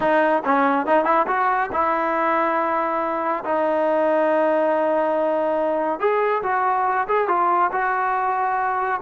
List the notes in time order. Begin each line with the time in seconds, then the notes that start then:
0.00 D#4
0.44 C#4
0.86 D#4
1.04 E4
1.27 F#4
1.72 E4
3.44 D#4
5.99 G#4
6.42 F#4
7.08 G#4
7.28 F4
7.72 F#4